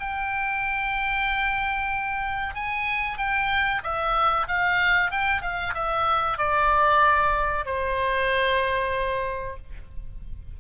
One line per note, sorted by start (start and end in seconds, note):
0.00 2.55 G5
2.55 3.18 G#5
3.18 3.82 G5
3.83 4.47 E5
4.48 5.11 F5
5.11 5.42 G5
5.42 5.74 F5
5.74 6.38 E5
6.38 7.65 D5
7.66 9.57 C5